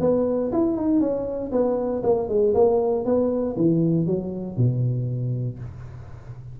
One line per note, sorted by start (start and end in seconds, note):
0.00 0.51 B3
0.52 0.76 E4
0.76 1.00 D#4
1.00 1.51 C#4
1.51 2.02 B3
2.03 2.28 A#3
2.28 2.54 G#3
2.54 3.05 A#3
3.05 3.55 B3
3.56 4.06 E3
4.06 4.56 F#3
4.57 5.58 B2